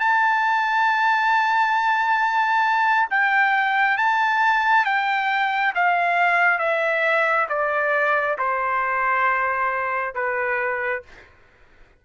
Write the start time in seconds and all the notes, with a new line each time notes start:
0.00 A5
3.10 G5
3.98 A5
4.86 G5
5.75 F5
6.59 E5
7.50 D5
8.39 C5
10.15 B4